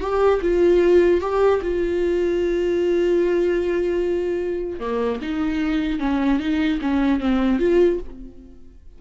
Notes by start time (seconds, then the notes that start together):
0.00 G4
0.41 F4
1.20 G4
1.61 F4
4.79 A#3
5.21 D#4
5.99 C#4
6.39 D#4
6.81 C#4
7.20 C4
7.59 F4